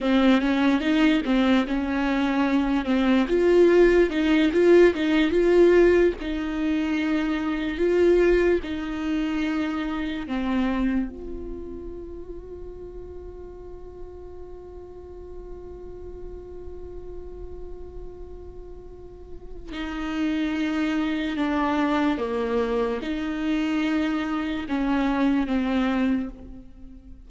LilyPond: \new Staff \with { instrumentName = "viola" } { \time 4/4 \tempo 4 = 73 c'8 cis'8 dis'8 c'8 cis'4. c'8 | f'4 dis'8 f'8 dis'8 f'4 dis'8~ | dis'4. f'4 dis'4.~ | dis'8 c'4 f'2~ f'8~ |
f'1~ | f'1 | dis'2 d'4 ais4 | dis'2 cis'4 c'4 | }